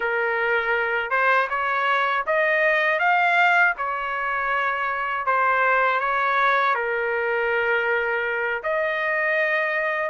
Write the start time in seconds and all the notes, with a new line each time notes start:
0.00 A#4
1.10 C5
1.49 C#5
2.26 D#5
2.99 F5
3.77 C#5
5.26 C5
6.00 C#5
6.75 A#4
8.62 D#5